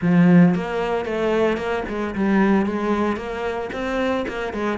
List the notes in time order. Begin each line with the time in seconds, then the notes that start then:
0.01 F3
0.54 A#3
1.05 A3
1.57 A#3
1.88 G#3
2.15 G3
2.66 G#3
3.16 A#3
3.72 C4
4.27 A#3
4.53 G#3